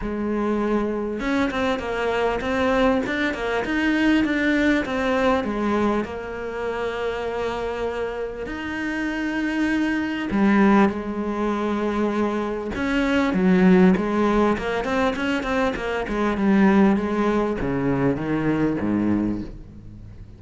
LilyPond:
\new Staff \with { instrumentName = "cello" } { \time 4/4 \tempo 4 = 99 gis2 cis'8 c'8 ais4 | c'4 d'8 ais8 dis'4 d'4 | c'4 gis4 ais2~ | ais2 dis'2~ |
dis'4 g4 gis2~ | gis4 cis'4 fis4 gis4 | ais8 c'8 cis'8 c'8 ais8 gis8 g4 | gis4 cis4 dis4 gis,4 | }